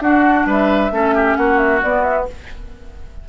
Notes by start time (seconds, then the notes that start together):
0.00 D4 F#4 F#5
0.46 G3 B4 E5
0.91 A3 C#4 A4
1.15 G4
1.37 A#3 F#4 F#5
1.58 E5
1.83 B3 D5
2.03 E5